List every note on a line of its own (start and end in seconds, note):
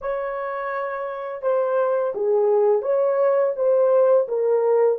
0.01 1.42 C#5
1.42 2.13 C5
2.14 2.81 G#4
2.81 3.53 C#5
3.56 4.27 C5
4.28 4.98 A#4